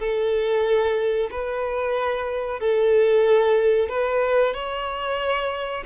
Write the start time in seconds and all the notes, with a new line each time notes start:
0.00 A4
1.31 B4
2.60 A4
3.90 B4
4.54 C#5